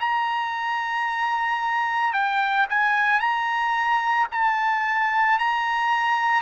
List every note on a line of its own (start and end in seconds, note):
0.00 2.13 A#5
2.13 2.67 G5
2.70 3.20 G#5
3.20 4.27 A#5
4.31 5.39 A5
5.39 6.42 A#5